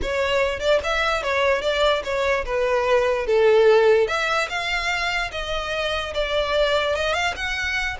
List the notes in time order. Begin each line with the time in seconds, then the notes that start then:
0.02 C#5
0.59 D5
0.83 E5
1.22 C#5
1.61 D5
2.03 C#5
2.45 B4
3.26 A4
4.07 E5
4.49 F5
5.31 D#5
6.13 D5
6.95 D#5
7.13 F5
7.36 F#5